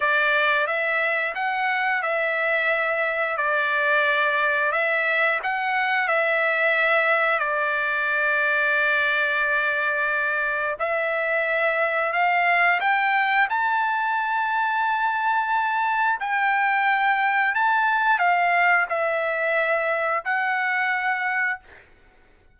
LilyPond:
\new Staff \with { instrumentName = "trumpet" } { \time 4/4 \tempo 4 = 89 d''4 e''4 fis''4 e''4~ | e''4 d''2 e''4 | fis''4 e''2 d''4~ | d''1 |
e''2 f''4 g''4 | a''1 | g''2 a''4 f''4 | e''2 fis''2 | }